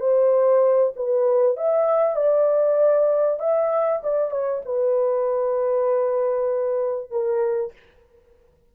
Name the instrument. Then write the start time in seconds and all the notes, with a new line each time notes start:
horn
0.00 C5
0.96 B4
1.57 E5
2.16 D5
3.39 E5
4.03 D5
4.30 C#5
4.65 B4
7.10 A#4